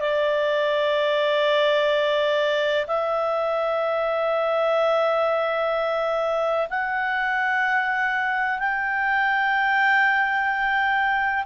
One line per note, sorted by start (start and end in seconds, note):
0.00 2.86 D5
2.87 6.68 E5
6.70 8.59 F#5
8.59 11.45 G5